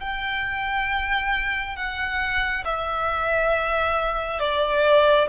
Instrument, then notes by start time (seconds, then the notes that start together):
violin
0.00 G5
1.76 F#5
2.65 E5
4.40 D5